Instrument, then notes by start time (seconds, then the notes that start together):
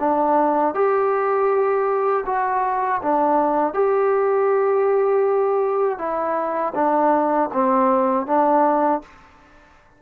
trombone
0.00 D4
0.75 G4
2.26 F#4
3.03 D4
3.74 G4
5.99 E4
6.75 D4
7.53 C4
8.27 D4